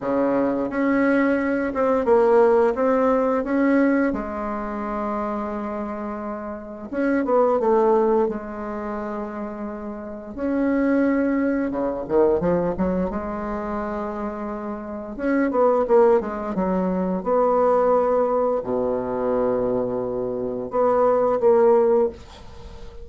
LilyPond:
\new Staff \with { instrumentName = "bassoon" } { \time 4/4 \tempo 4 = 87 cis4 cis'4. c'8 ais4 | c'4 cis'4 gis2~ | gis2 cis'8 b8 a4 | gis2. cis'4~ |
cis'4 cis8 dis8 f8 fis8 gis4~ | gis2 cis'8 b8 ais8 gis8 | fis4 b2 b,4~ | b,2 b4 ais4 | }